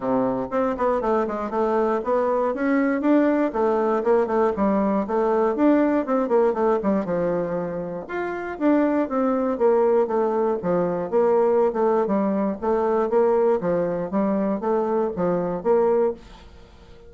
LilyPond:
\new Staff \with { instrumentName = "bassoon" } { \time 4/4 \tempo 4 = 119 c4 c'8 b8 a8 gis8 a4 | b4 cis'4 d'4 a4 | ais8 a8 g4 a4 d'4 | c'8 ais8 a8 g8 f2 |
f'4 d'4 c'4 ais4 | a4 f4 ais4~ ais16 a8. | g4 a4 ais4 f4 | g4 a4 f4 ais4 | }